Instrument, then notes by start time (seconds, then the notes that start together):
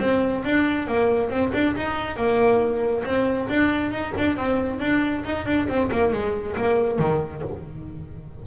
double bass
0.00 C4
0.45 D4
0.88 A#3
1.31 C4
1.54 D4
1.76 D#4
2.17 A#3
3.05 C4
3.49 D4
3.92 D#4
4.18 D4
4.37 C4
4.81 D4
5.25 D#4
5.46 D4
5.69 C4
5.92 A#3
6.13 G#3
6.57 A#3
6.99 D#3